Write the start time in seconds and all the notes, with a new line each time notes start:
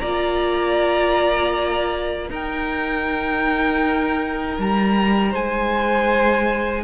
0.00 A#3 F4 D5 A#5
2.29 D#4 A#4 G5
4.59 G3 A#5
5.31 G#3 C5 G#5